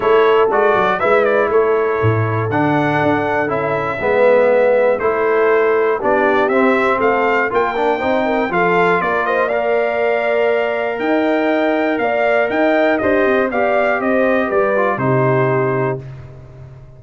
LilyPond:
<<
  \new Staff \with { instrumentName = "trumpet" } { \time 4/4 \tempo 4 = 120 cis''4 d''4 e''8 d''8 cis''4~ | cis''4 fis''2 e''4~ | e''2 c''2 | d''4 e''4 f''4 g''4~ |
g''4 f''4 d''8 dis''8 f''4~ | f''2 g''2 | f''4 g''4 dis''4 f''4 | dis''4 d''4 c''2 | }
  \new Staff \with { instrumentName = "horn" } { \time 4/4 a'2 b'4 a'4~ | a'1 | b'2 a'2 | g'2 a'4 ais'4 |
c''8 ais'8 a'4 ais'8 c''8 d''4~ | d''2 dis''2 | d''4 dis''4 g'4 d''4 | c''4 b'4 g'2 | }
  \new Staff \with { instrumentName = "trombone" } { \time 4/4 e'4 fis'4 e'2~ | e'4 d'2 e'4 | b2 e'2 | d'4 c'2 f'8 d'8 |
dis'4 f'2 ais'4~ | ais'1~ | ais'2 c''4 g'4~ | g'4. f'8 dis'2 | }
  \new Staff \with { instrumentName = "tuba" } { \time 4/4 a4 gis8 fis8 gis4 a4 | a,4 d4 d'4 cis'4 | gis2 a2 | b4 c'4 a4 ais4 |
c'4 f4 ais2~ | ais2 dis'2 | ais4 dis'4 d'8 c'8 b4 | c'4 g4 c2 | }
>>